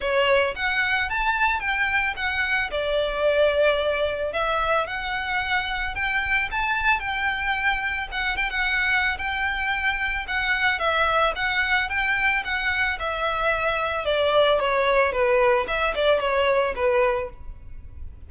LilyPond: \new Staff \with { instrumentName = "violin" } { \time 4/4 \tempo 4 = 111 cis''4 fis''4 a''4 g''4 | fis''4 d''2. | e''4 fis''2 g''4 | a''4 g''2 fis''8 g''16 fis''16~ |
fis''4 g''2 fis''4 | e''4 fis''4 g''4 fis''4 | e''2 d''4 cis''4 | b'4 e''8 d''8 cis''4 b'4 | }